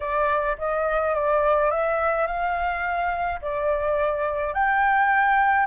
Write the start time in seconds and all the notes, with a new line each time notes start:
0.00 D5
0.58 D#5
1.14 D5
1.70 E5
2.26 F5
3.41 D5
4.53 G5